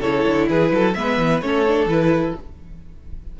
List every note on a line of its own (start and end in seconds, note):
0.00 0.25 C#3
0.00 0.96 E4
0.00 0.47 A4
0.00 0.48 C#5
0.28 0.51 D3
0.49 0.71 E3
0.49 0.73 G#4
0.49 0.94 B4
0.71 0.95 F#3
0.71 0.98 A4
0.94 1.18 G#3
0.94 1.43 B3
0.94 1.45 B4
0.94 1.41 E5
1.18 1.41 E3
1.41 1.86 A3
1.41 1.66 C#4
1.41 2.40 A4
1.41 1.88 C#5
1.67 1.90 D4
1.86 2.33 E3
1.86 2.37 E4
1.86 2.36 B4